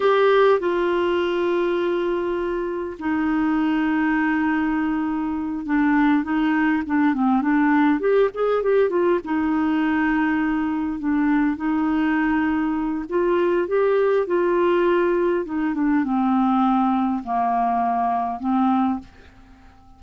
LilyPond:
\new Staff \with { instrumentName = "clarinet" } { \time 4/4 \tempo 4 = 101 g'4 f'2.~ | f'4 dis'2.~ | dis'4. d'4 dis'4 d'8 | c'8 d'4 g'8 gis'8 g'8 f'8 dis'8~ |
dis'2~ dis'8 d'4 dis'8~ | dis'2 f'4 g'4 | f'2 dis'8 d'8 c'4~ | c'4 ais2 c'4 | }